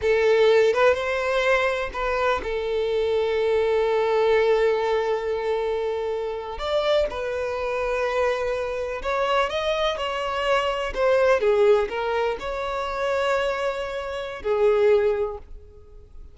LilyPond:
\new Staff \with { instrumentName = "violin" } { \time 4/4 \tempo 4 = 125 a'4. b'8 c''2 | b'4 a'2.~ | a'1~ | a'4.~ a'16 d''4 b'4~ b'16~ |
b'2~ b'8. cis''4 dis''16~ | dis''8. cis''2 c''4 gis'16~ | gis'8. ais'4 cis''2~ cis''16~ | cis''2 gis'2 | }